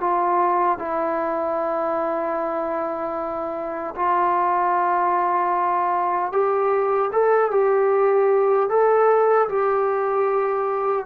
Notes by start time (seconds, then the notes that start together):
0.00 F4
0.78 E4
3.95 F4
6.32 G4
7.12 A4
7.50 G4
8.69 A4
9.48 G4